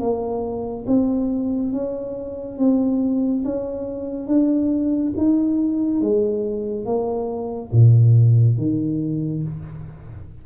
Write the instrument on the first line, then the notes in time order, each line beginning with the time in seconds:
tuba
0.00 A#3
0.88 C4
1.73 C#4
2.59 C4
3.45 C#4
4.27 D4
5.18 D#4
6.02 G#3
6.86 A#3
7.73 A#2
8.58 D#3